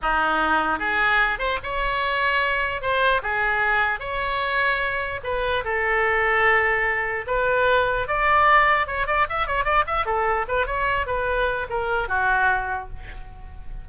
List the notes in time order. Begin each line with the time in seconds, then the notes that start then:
0.01 D#4
0.79 G#4
1.38 C5
1.63 C#5
2.81 C5
3.22 G#4
3.99 C#5
5.23 B4
5.64 A4
7.26 B4
8.07 D5
8.86 C#5
9.06 D5
9.29 E5
9.46 C#5
9.64 D5
9.86 E5
10.05 A4
10.48 B4
10.66 C#5
11.06 B4
11.69 A#4
12.08 F#4